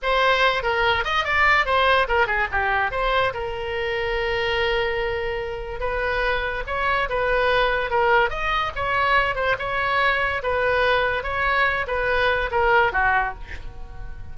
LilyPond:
\new Staff \with { instrumentName = "oboe" } { \time 4/4 \tempo 4 = 144 c''4. ais'4 dis''8 d''4 | c''4 ais'8 gis'8 g'4 c''4 | ais'1~ | ais'2 b'2 |
cis''4 b'2 ais'4 | dis''4 cis''4. c''8 cis''4~ | cis''4 b'2 cis''4~ | cis''8 b'4. ais'4 fis'4 | }